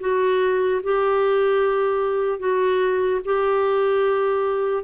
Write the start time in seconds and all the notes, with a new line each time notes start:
0.00 F#4
0.83 G4
2.39 F#4
3.25 G4